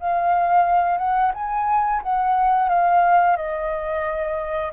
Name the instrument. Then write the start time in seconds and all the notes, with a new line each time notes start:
flute
0.00 F5
0.98 F#5
1.34 G#5
2.03 F#5
2.69 F5
3.37 D#5